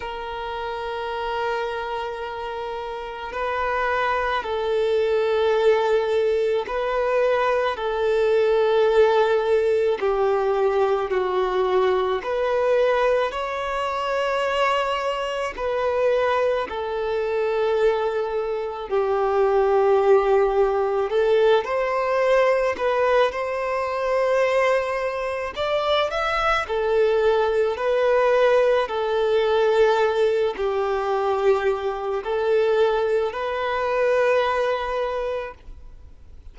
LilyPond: \new Staff \with { instrumentName = "violin" } { \time 4/4 \tempo 4 = 54 ais'2. b'4 | a'2 b'4 a'4~ | a'4 g'4 fis'4 b'4 | cis''2 b'4 a'4~ |
a'4 g'2 a'8 c''8~ | c''8 b'8 c''2 d''8 e''8 | a'4 b'4 a'4. g'8~ | g'4 a'4 b'2 | }